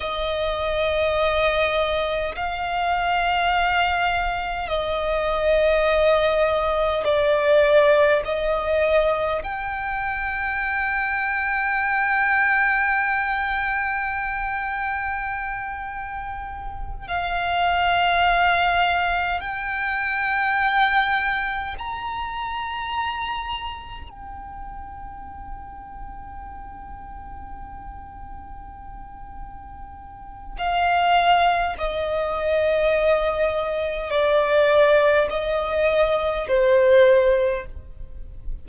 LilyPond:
\new Staff \with { instrumentName = "violin" } { \time 4/4 \tempo 4 = 51 dis''2 f''2 | dis''2 d''4 dis''4 | g''1~ | g''2~ g''8 f''4.~ |
f''8 g''2 ais''4.~ | ais''8 g''2.~ g''8~ | g''2 f''4 dis''4~ | dis''4 d''4 dis''4 c''4 | }